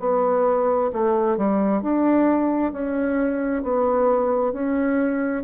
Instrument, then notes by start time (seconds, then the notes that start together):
bassoon
0.00 B3
0.93 A3
1.38 G3
1.82 D4
2.73 C#4
3.63 B3
4.53 C#4